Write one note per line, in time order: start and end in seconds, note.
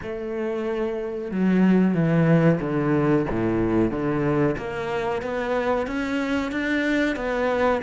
0.02 1.31 A3
1.31 1.94 F#3
1.94 2.59 E3
2.60 3.25 D3
3.30 3.90 A2
3.90 4.56 D3
4.57 5.22 A#3
5.22 5.86 B3
5.86 6.51 C#4
6.51 7.16 D4
7.16 7.81 B3